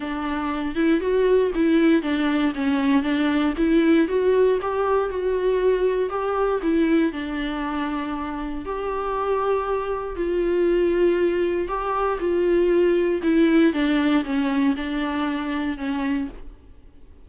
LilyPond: \new Staff \with { instrumentName = "viola" } { \time 4/4 \tempo 4 = 118 d'4. e'8 fis'4 e'4 | d'4 cis'4 d'4 e'4 | fis'4 g'4 fis'2 | g'4 e'4 d'2~ |
d'4 g'2. | f'2. g'4 | f'2 e'4 d'4 | cis'4 d'2 cis'4 | }